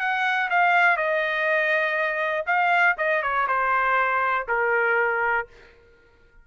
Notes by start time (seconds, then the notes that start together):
0.00 F#5
0.50 F5
0.97 D#5
2.47 F5
2.98 D#5
3.23 C#5
3.48 C5
4.48 A#4